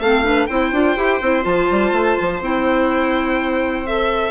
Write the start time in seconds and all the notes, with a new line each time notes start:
0.00 A3 C4 A4 F5
0.24 D4 B4
0.47 C4 E4 C5 G5
0.73 D4 F4
0.97 E4 G4
1.22 C4 E4
1.43 F3 F4 A5
1.71 G3
1.93 A3
2.21 F3
2.41 C4 E4 G5
3.86 A4 E5